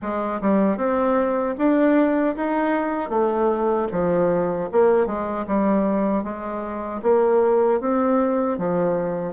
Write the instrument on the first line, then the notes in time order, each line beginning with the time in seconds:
bassoon
0.02 G#3
0.41 G3
0.77 C4
1.58 D4
2.36 D#4
3.09 A3
3.91 F3
4.71 A#3
5.06 G#3
5.47 G3
6.23 G#3
7.02 A#3
7.80 C4
8.57 F3